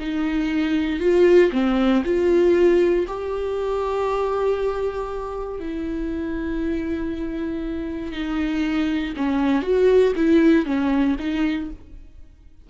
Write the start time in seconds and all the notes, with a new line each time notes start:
0.00 D#4
1.01 F4
1.53 C4
2.05 F4
3.08 G4
5.60 E4
8.13 D#4
9.17 C#4
9.63 F#4
10.16 E4
10.66 C#4
11.19 D#4